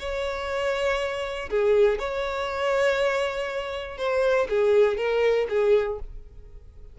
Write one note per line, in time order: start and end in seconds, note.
0.00 1.50 C#5
1.50 1.99 G#4
1.99 3.98 C#5
3.98 4.48 C5
4.49 4.97 G#4
4.97 5.47 A#4
5.49 5.99 G#4